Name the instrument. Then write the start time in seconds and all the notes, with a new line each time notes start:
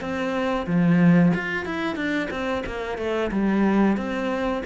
cello
0.00 C4
0.66 F3
1.34 F4
1.65 E4
1.95 D4
2.30 C4
2.66 A#3
2.97 A3
3.31 G3
3.97 C4